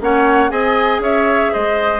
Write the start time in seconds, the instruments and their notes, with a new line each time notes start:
0.00 bassoon A#3, clarinet C#4, oboe C#5, flute F#5
0.49 bassoon C4, clarinet G#4, oboe D#5, flute G#5
0.99 bassoon C#4, oboe C#5, flute E5
1.52 bassoon G#3, oboe C5, flute D#5